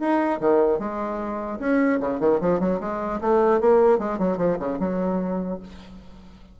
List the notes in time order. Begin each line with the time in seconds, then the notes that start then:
0.00 D#4
0.40 D#3
0.79 G#3
1.59 C#4
2.00 C#3
2.20 D#3
2.41 F3
2.60 F#3
2.80 G#3
3.21 A3
3.61 A#3
3.99 G#3
4.19 F#3
4.37 F3
4.59 C#3
4.79 F#3